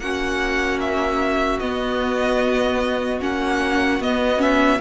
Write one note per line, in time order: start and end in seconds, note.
0.00 1.60 A#3
0.00 1.62 C#4
0.00 4.81 F#4
0.00 0.80 F#5
0.81 1.60 E5
1.60 3.21 B3
1.60 3.20 D#5
3.21 4.00 A#3
3.21 4.01 C#4
3.21 4.03 F#5
4.00 4.80 B3
4.00 4.38 B3
4.00 4.41 D#5
4.38 4.78 C#4
4.38 4.81 E5